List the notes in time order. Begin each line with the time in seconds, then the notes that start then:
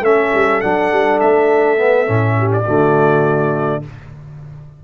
0.00 A3 C#4 A4 E5
0.33 G3
0.60 F#3 D4 F#5
0.91 G3
1.20 A3 E5
1.77 B3
2.06 A2 C#4
2.37 G4
2.52 D5
2.64 D3 A3 F#4